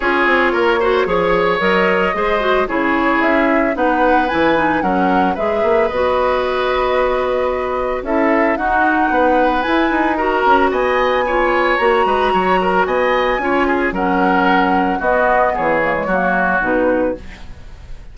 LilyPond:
<<
  \new Staff \with { instrumentName = "flute" } { \time 4/4 \tempo 4 = 112 cis''2. dis''4~ | dis''4 cis''4 e''4 fis''4 | gis''4 fis''4 e''4 dis''4~ | dis''2. e''4 |
fis''2 gis''4 ais''4 | gis''2 ais''2 | gis''2 fis''2 | dis''4 cis''2 b'4 | }
  \new Staff \with { instrumentName = "oboe" } { \time 4/4 gis'4 ais'8 c''8 cis''2 | c''4 gis'2 b'4~ | b'4 ais'4 b'2~ | b'2. a'4 |
fis'4 b'2 ais'4 | dis''4 cis''4. b'8 cis''8 ais'8 | dis''4 cis''8 gis'8 ais'2 | fis'4 gis'4 fis'2 | }
  \new Staff \with { instrumentName = "clarinet" } { \time 4/4 f'4. fis'8 gis'4 ais'4 | gis'8 fis'8 e'2 dis'4 | e'8 dis'8 cis'4 gis'4 fis'4~ | fis'2. e'4 |
dis'2 e'4 fis'4~ | fis'4 f'4 fis'2~ | fis'4 f'4 cis'2 | b4. ais16 gis16 ais4 dis'4 | }
  \new Staff \with { instrumentName = "bassoon" } { \time 4/4 cis'8 c'8 ais4 f4 fis4 | gis4 cis4 cis'4 b4 | e4 fis4 gis8 ais8 b4~ | b2. cis'4 |
dis'4 b4 e'8 dis'4 cis'8 | b2 ais8 gis8 fis4 | b4 cis'4 fis2 | b4 e4 fis4 b,4 | }
>>